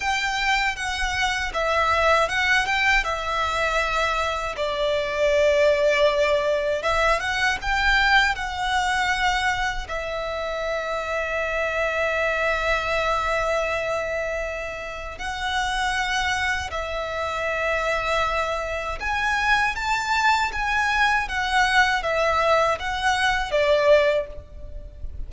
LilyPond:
\new Staff \with { instrumentName = "violin" } { \time 4/4 \tempo 4 = 79 g''4 fis''4 e''4 fis''8 g''8 | e''2 d''2~ | d''4 e''8 fis''8 g''4 fis''4~ | fis''4 e''2.~ |
e''1 | fis''2 e''2~ | e''4 gis''4 a''4 gis''4 | fis''4 e''4 fis''4 d''4 | }